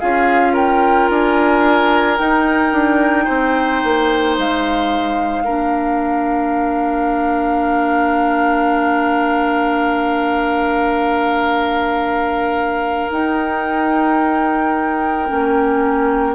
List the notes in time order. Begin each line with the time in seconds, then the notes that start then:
0.00 C#4 F4 G#4 F5
0.53 A#4 G5
1.10 D4 G#5
2.17 D#4 G5
2.73 D4
3.25 C4 C5
3.84 A#3
4.38 G#3 F5
5.44 A#3 D4 A#4
13.10 D#4 G5
15.27 A#3 C#4